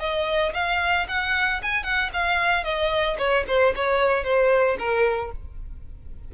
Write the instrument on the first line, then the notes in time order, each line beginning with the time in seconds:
violin
0.00 D#5
0.54 F5
1.08 F#5
1.63 G#5
1.84 F#5
2.13 F5
2.64 D#5
3.18 C#5
3.48 C5
3.76 C#5
4.24 C5
4.79 A#4